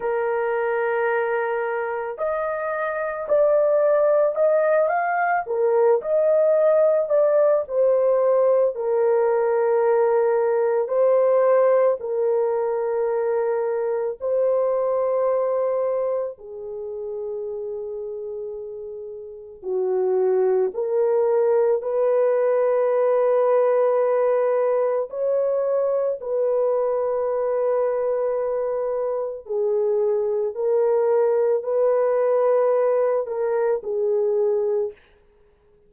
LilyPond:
\new Staff \with { instrumentName = "horn" } { \time 4/4 \tempo 4 = 55 ais'2 dis''4 d''4 | dis''8 f''8 ais'8 dis''4 d''8 c''4 | ais'2 c''4 ais'4~ | ais'4 c''2 gis'4~ |
gis'2 fis'4 ais'4 | b'2. cis''4 | b'2. gis'4 | ais'4 b'4. ais'8 gis'4 | }